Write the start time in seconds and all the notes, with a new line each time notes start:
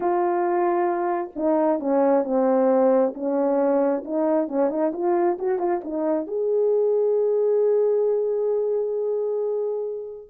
0.00 F4
1.35 D#4
1.79 C#4
2.24 C4
3.14 C#4
4.05 D#4
4.48 C#4
4.69 D#4
4.93 F4
5.39 F#4
5.58 F4
5.84 D#4
6.27 G#4